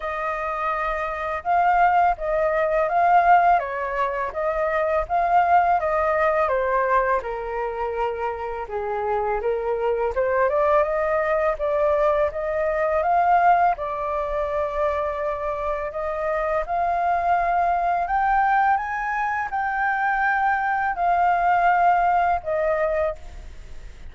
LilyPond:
\new Staff \with { instrumentName = "flute" } { \time 4/4 \tempo 4 = 83 dis''2 f''4 dis''4 | f''4 cis''4 dis''4 f''4 | dis''4 c''4 ais'2 | gis'4 ais'4 c''8 d''8 dis''4 |
d''4 dis''4 f''4 d''4~ | d''2 dis''4 f''4~ | f''4 g''4 gis''4 g''4~ | g''4 f''2 dis''4 | }